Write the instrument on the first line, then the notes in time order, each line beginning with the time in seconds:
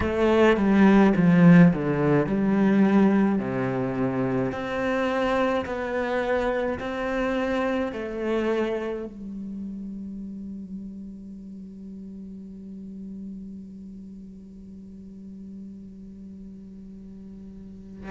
cello
0.00 A3
0.57 G3
1.16 F3
1.73 D3
2.26 G3
3.39 C3
4.52 C4
5.66 B3
6.79 C4
7.92 A3
9.05 G3